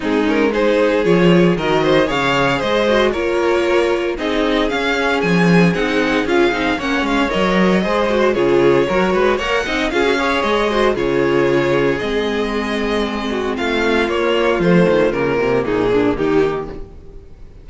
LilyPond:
<<
  \new Staff \with { instrumentName = "violin" } { \time 4/4 \tempo 4 = 115 gis'8 ais'8 c''4 cis''4 dis''4 | f''4 dis''4 cis''2 | dis''4 f''4 gis''4 fis''4 | f''4 fis''8 f''8 dis''2 |
cis''2 fis''4 f''4 | dis''4 cis''2 dis''4~ | dis''2 f''4 cis''4 | c''4 ais'4 gis'4 g'4 | }
  \new Staff \with { instrumentName = "violin" } { \time 4/4 dis'4 gis'2 ais'8 c''8 | cis''4 c''4 ais'2 | gis'1~ | gis'4 cis''2 c''4 |
gis'4 ais'8 b'8 cis''8 dis''8 gis'8 cis''8~ | cis''8 c''8 gis'2.~ | gis'4. fis'8 f'2~ | f'2 dis'8 d'8 dis'4 | }
  \new Staff \with { instrumentName = "viola" } { \time 4/4 c'8 cis'8 dis'4 f'4 fis'4 | gis'4. fis'8 f'2 | dis'4 cis'2 dis'4 | f'8 dis'8 cis'4 ais'4 gis'8 fis'8 |
f'4 fis'4 ais'8 dis'8 f'16 fis'16 gis'8~ | gis'8 fis'8 f'2 c'4~ | c'2. ais4 | a4 ais2. | }
  \new Staff \with { instrumentName = "cello" } { \time 4/4 gis2 f4 dis4 | cis4 gis4 ais2 | c'4 cis'4 f4 c'4 | cis'8 c'8 ais8 gis8 fis4 gis4 |
cis4 fis8 gis8 ais8 c'8 cis'4 | gis4 cis2 gis4~ | gis2 a4 ais4 | f8 dis8 cis8 c8 ais,4 dis4 | }
>>